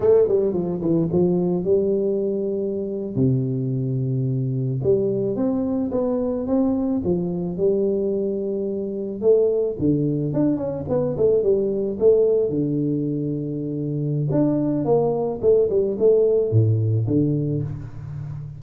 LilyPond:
\new Staff \with { instrumentName = "tuba" } { \time 4/4 \tempo 4 = 109 a8 g8 f8 e8 f4 g4~ | g4.~ g16 c2~ c16~ | c8. g4 c'4 b4 c'16~ | c'8. f4 g2~ g16~ |
g8. a4 d4 d'8 cis'8 b16~ | b16 a8 g4 a4 d4~ d16~ | d2 d'4 ais4 | a8 g8 a4 a,4 d4 | }